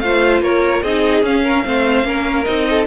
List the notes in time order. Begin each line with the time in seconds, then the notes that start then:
0.00 A3 F4 C5 F5
0.41 A#3 A#4 C#5
0.82 C4 D#4 G#4 D#5
1.23 C#4 F5
1.44 A#4
1.64 A3 C4 C5
2.04 A#3 C#4 A#4
2.44 C4 D#4 D#5
2.70 A4